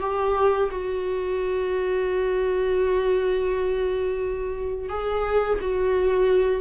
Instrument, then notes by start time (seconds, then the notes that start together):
viola
0.00 G4
0.71 F#4
4.89 G#4
5.61 F#4